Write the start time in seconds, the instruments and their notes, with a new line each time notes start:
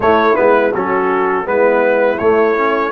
0.00 trombone A3, tuba A3, horn E4, trumpet C#5
0.34 tuba G#3, trombone B3, trumpet B4
0.72 tuba F#3, trombone C#4, horn F#4, trumpet A4
1.45 tuba G#3, trombone B3, horn E4, trumpet B4
2.18 trombone A3, tuba A3, trumpet C#5
2.56 trombone C#4